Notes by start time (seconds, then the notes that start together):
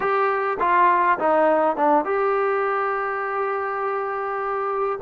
0.00 G4
0.59 F4
1.18 D#4
1.76 D4
2.05 G4